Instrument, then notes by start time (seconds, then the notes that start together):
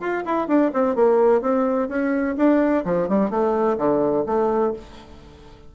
bassoon
0.00 F4
0.26 E4
0.47 D4
0.73 C4
0.95 A#3
1.41 C4
1.89 C#4
2.37 D4
2.85 F3
3.09 G3
3.30 A3
3.78 D3
4.26 A3